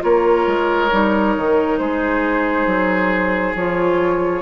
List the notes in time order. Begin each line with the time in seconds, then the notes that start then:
0.00 A#3 F4 A#4 C#5
0.47 G#3
0.91 G3 D#4
1.37 D#3
1.78 G#3 G#4 C5
2.66 F#3
3.55 F3 F4 C#5